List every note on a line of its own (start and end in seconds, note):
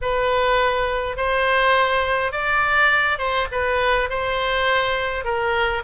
0.01 1.17 B4
1.17 2.31 C5
2.31 3.18 D5
3.18 3.47 C5
3.51 4.09 B4
4.09 5.24 C5
5.24 5.83 A#4